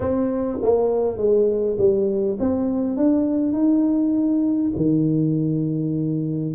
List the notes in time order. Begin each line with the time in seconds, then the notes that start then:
0.00 C4
0.62 A#3
1.17 G#3
1.78 G3
2.39 C4
2.96 D4
3.52 D#4
4.76 D#3